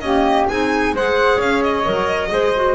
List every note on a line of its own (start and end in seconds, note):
0.00 0.49 A#3
0.00 0.47 C#4
0.00 0.49 G4
0.00 0.45 D#5
0.49 0.93 C4
0.49 0.96 D#4
0.49 0.94 G#4
0.49 0.95 G#5
0.93 1.38 G#3
0.93 1.84 G#4
0.93 1.37 C5
0.93 1.41 F#5
1.37 1.85 C#4
1.37 2.28 C#5
1.37 1.63 F5
1.63 2.75 D#5
1.84 2.32 F#3
1.84 2.29 A#4
2.29 2.75 G#3
2.29 2.52 G#4
2.29 2.75 C5
2.56 2.75 F#4